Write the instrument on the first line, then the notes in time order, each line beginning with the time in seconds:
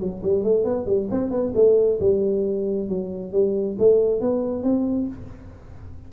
tuba
0.00 F#3
0.23 G3
0.44 A3
0.64 B3
0.86 G3
1.11 C4
1.31 B3
1.55 A3
2.00 G3
2.89 F#3
3.33 G3
3.79 A3
4.21 B3
4.63 C4